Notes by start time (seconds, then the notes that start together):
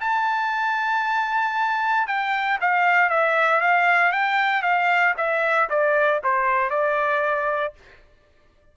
0.00 A5
2.07 G5
2.60 F5
3.09 E5
3.60 F5
4.12 G5
4.62 F5
5.17 E5
5.69 D5
6.23 C5
6.70 D5